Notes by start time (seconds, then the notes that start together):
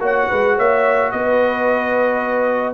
0.00 A#3 F#4 C#5
0.06 F#5
0.29 G#3 B4
0.56 A#3 C#5 E5
1.12 B3 B4 D#5